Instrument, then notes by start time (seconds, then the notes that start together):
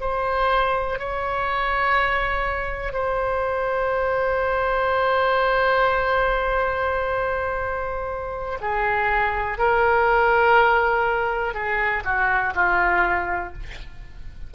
oboe
0.00 C5
0.98 C#5
2.92 C5
8.61 G#4
9.58 A#4
11.54 G#4
12.04 F#4
12.55 F4